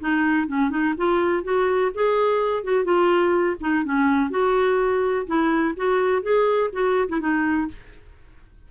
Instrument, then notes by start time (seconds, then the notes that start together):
clarinet
0.00 D#4
0.47 C#4
0.70 D#4
0.97 F4
1.44 F#4
1.94 G#4
2.63 F#4
2.85 F4
3.60 D#4
3.84 C#4
4.30 F#4
5.27 E4
5.76 F#4
6.22 G#4
6.72 F#4
7.08 E4
7.20 D#4